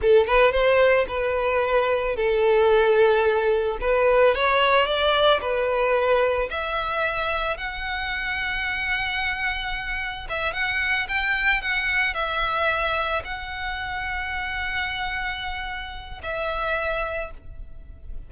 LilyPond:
\new Staff \with { instrumentName = "violin" } { \time 4/4 \tempo 4 = 111 a'8 b'8 c''4 b'2 | a'2. b'4 | cis''4 d''4 b'2 | e''2 fis''2~ |
fis''2. e''8 fis''8~ | fis''8 g''4 fis''4 e''4.~ | e''8 fis''2.~ fis''8~ | fis''2 e''2 | }